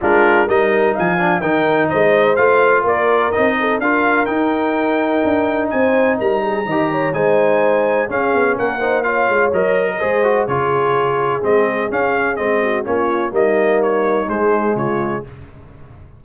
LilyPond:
<<
  \new Staff \with { instrumentName = "trumpet" } { \time 4/4 \tempo 4 = 126 ais'4 dis''4 gis''4 g''4 | dis''4 f''4 d''4 dis''4 | f''4 g''2. | gis''4 ais''2 gis''4~ |
gis''4 f''4 fis''4 f''4 | dis''2 cis''2 | dis''4 f''4 dis''4 cis''4 | dis''4 cis''4 c''4 cis''4 | }
  \new Staff \with { instrumentName = "horn" } { \time 4/4 f'4 ais'4 f''4 ais'4 | c''2 ais'4. a'8 | ais'1 | c''4 ais'8 gis'8 dis''8 cis''8 c''4~ |
c''4 gis'4 ais'8 c''8 cis''4~ | cis''8. ais'16 c''4 gis'2~ | gis'2~ gis'8 fis'8 f'4 | dis'2. f'4 | }
  \new Staff \with { instrumentName = "trombone" } { \time 4/4 d'4 dis'4. d'8 dis'4~ | dis'4 f'2 dis'4 | f'4 dis'2.~ | dis'2 g'4 dis'4~ |
dis'4 cis'4. dis'8 f'4 | ais'4 gis'8 fis'8 f'2 | c'4 cis'4 c'4 cis'4 | ais2 gis2 | }
  \new Staff \with { instrumentName = "tuba" } { \time 4/4 gis4 g4 f4 dis4 | gis4 a4 ais4 c'4 | d'4 dis'2 d'4 | c'4 g4 dis4 gis4~ |
gis4 cis'8 b8 ais4. gis8 | fis4 gis4 cis2 | gis4 cis'4 gis4 ais4 | g2 gis4 cis4 | }
>>